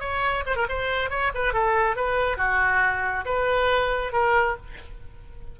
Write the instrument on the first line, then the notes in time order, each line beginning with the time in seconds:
oboe
0.00 C#5
0.46 C5
0.56 A#4
0.69 C5
1.10 C#5
1.34 B4
1.53 A4
1.96 B4
2.37 F#4
3.25 B4
4.12 A#4